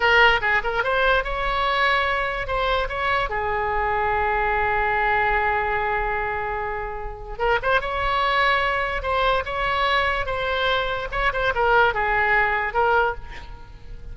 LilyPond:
\new Staff \with { instrumentName = "oboe" } { \time 4/4 \tempo 4 = 146 ais'4 gis'8 ais'8 c''4 cis''4~ | cis''2 c''4 cis''4 | gis'1~ | gis'1~ |
gis'2 ais'8 c''8 cis''4~ | cis''2 c''4 cis''4~ | cis''4 c''2 cis''8 c''8 | ais'4 gis'2 ais'4 | }